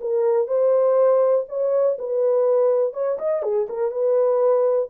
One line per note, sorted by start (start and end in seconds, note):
0.00 0.47 A#4
0.47 1.44 C5
1.48 1.97 C#5
1.98 2.93 B4
2.93 3.17 C#5
3.18 3.42 D#5
3.42 3.67 G#4
3.69 3.91 A#4
3.91 4.88 B4